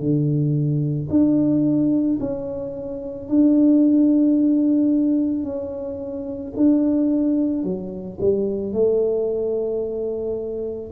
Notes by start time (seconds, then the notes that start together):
0.00 D3
1.10 D4
2.21 C#4
3.29 D4
5.44 C#4
6.57 D4
7.64 F#3
8.21 G3
8.73 A3